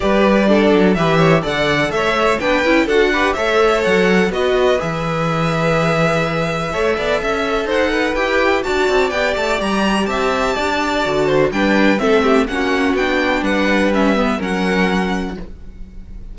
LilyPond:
<<
  \new Staff \with { instrumentName = "violin" } { \time 4/4 \tempo 4 = 125 d''2 e''4 fis''4 | e''4 g''4 fis''4 e''4 | fis''4 dis''4 e''2~ | e''1 |
fis''4 g''4 a''4 g''8 a''8 | ais''4 a''2. | g''4 e''4 fis''4 g''4 | fis''4 e''4 fis''2 | }
  \new Staff \with { instrumentName = "violin" } { \time 4/4 b'4 a'4 b'8 cis''8 d''4 | cis''4 b'4 a'8 b'8 cis''4~ | cis''4 b'2.~ | b'2 cis''8 d''8 e''4 |
c''8 b'4. d''2~ | d''4 e''4 d''4. c''8 | b'4 a'8 g'8 fis'2 | b'2 ais'2 | }
  \new Staff \with { instrumentName = "viola" } { \time 4/4 g'4 d'4 g'4 a'4~ | a'4 d'8 e'8 fis'8 g'8 a'4~ | a'4 fis'4 gis'2~ | gis'2 a'2~ |
a'4 g'4 fis'4 g'4~ | g'2. fis'4 | d'4 c'4 cis'4 d'4~ | d'4 cis'8 b8 cis'2 | }
  \new Staff \with { instrumentName = "cello" } { \time 4/4 g4. fis8 e4 d4 | a4 b8 cis'8 d'4 a4 | fis4 b4 e2~ | e2 a8 b8 cis'4 |
dis'4 e'4 d'8 c'8 b8 a8 | g4 c'4 d'4 d4 | g4 a4 ais4 b4 | g2 fis2 | }
>>